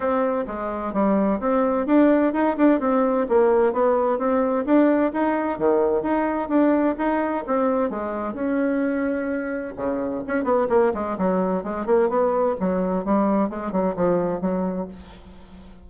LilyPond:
\new Staff \with { instrumentName = "bassoon" } { \time 4/4 \tempo 4 = 129 c'4 gis4 g4 c'4 | d'4 dis'8 d'8 c'4 ais4 | b4 c'4 d'4 dis'4 | dis4 dis'4 d'4 dis'4 |
c'4 gis4 cis'2~ | cis'4 cis4 cis'8 b8 ais8 gis8 | fis4 gis8 ais8 b4 fis4 | g4 gis8 fis8 f4 fis4 | }